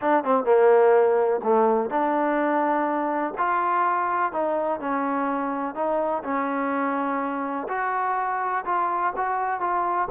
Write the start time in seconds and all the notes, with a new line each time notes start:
0.01 D4
0.24 C4
0.44 A#3
1.43 A3
1.90 D4
3.37 F4
4.32 D#4
4.80 C#4
5.75 D#4
6.23 C#4
7.68 F#4
8.65 F4
9.16 F#4
9.60 F4